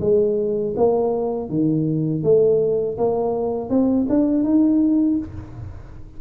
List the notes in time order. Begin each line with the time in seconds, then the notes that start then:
0.00 G#3
0.76 A#3
1.49 D#3
2.23 A3
2.97 A#3
3.69 C4
4.09 D4
4.43 D#4